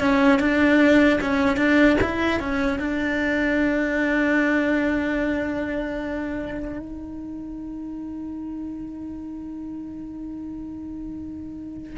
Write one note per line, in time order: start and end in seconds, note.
0.00 0.40 C#4
0.40 1.20 D4
1.21 1.57 C#4
1.57 1.97 D4
2.01 2.40 E4
2.40 2.80 C#4
2.80 6.79 D4
6.79 11.99 D#4